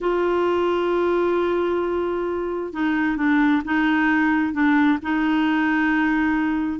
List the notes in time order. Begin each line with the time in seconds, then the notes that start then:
0.01 F4
2.73 D#4
3.17 D4
3.64 D#4
4.53 D4
5.02 D#4